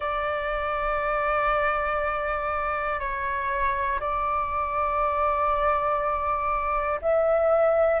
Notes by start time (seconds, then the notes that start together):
0.00 D5
3.00 C#5
4.00 D5
7.01 E5